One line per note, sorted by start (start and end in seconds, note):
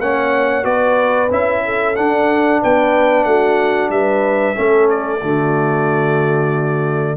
0.00 0.65 A#3
0.00 0.63 C#4
0.00 0.65 C#5
0.00 0.65 F#5
0.63 1.30 B3
0.63 1.29 F#4
0.63 1.62 B4
0.63 1.30 D5
1.31 1.96 C#4
1.31 1.96 E4
1.31 1.96 E5
1.65 2.62 A4
1.96 4.55 D4
1.96 2.62 D4
1.96 2.61 F#5
2.62 3.25 B3
2.62 3.26 B4
2.62 3.24 G5
3.24 3.90 A3
3.24 3.92 F#4
3.24 3.90 F#5
3.90 4.55 G3
3.90 4.56 B4
3.90 4.89 E5
4.55 5.23 A3
4.55 5.20 C#4
4.55 5.21 A4
4.90 7.17 D5
5.22 7.17 D3
5.22 7.17 A3
5.22 7.17 F#4